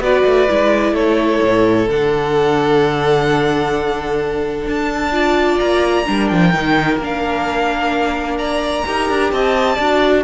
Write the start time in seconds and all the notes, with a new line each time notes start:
0.00 B3 F#4 B4 D5
0.25 A3
0.48 G#3 E4
0.93 A3 A4 C#5
1.42 A2
1.88 D3 D4 F#5
4.66 D4 A5
5.12 F4 D5
5.59 A#3 A#5
6.06 G3 D4 A#4
6.28 F3 G5
6.53 D#3 D#4
6.97 A#3 D4
7.04 F5
8.38 D5 A#5
8.86 D#4 G4 A#4
9.09 D4
9.32 C4 D#5 A5
9.75 D4 D5
9.81 F#4